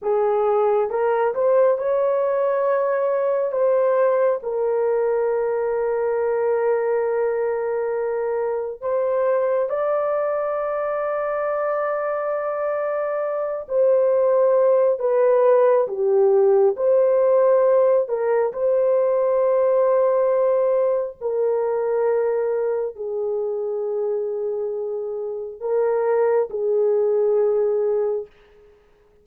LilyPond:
\new Staff \with { instrumentName = "horn" } { \time 4/4 \tempo 4 = 68 gis'4 ais'8 c''8 cis''2 | c''4 ais'2.~ | ais'2 c''4 d''4~ | d''2.~ d''8 c''8~ |
c''4 b'4 g'4 c''4~ | c''8 ais'8 c''2. | ais'2 gis'2~ | gis'4 ais'4 gis'2 | }